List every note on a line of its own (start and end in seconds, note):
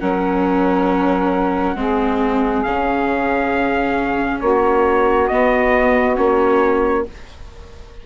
0.00 1.75 F#3
0.00 1.76 C#4
0.00 1.76 A#4
0.00 2.63 F#5
1.75 2.63 G#3
1.75 2.64 C4
1.75 4.41 G#4
2.63 4.41 C#3
2.63 5.30 C#4
2.63 4.40 F5
4.40 5.29 A#3
4.40 7.06 F#4
4.40 5.28 C#5
5.28 6.16 B3
5.28 6.17 B3
5.28 6.16 D#5
6.16 7.06 A#3
6.16 7.04 C#4
6.16 7.06 C#5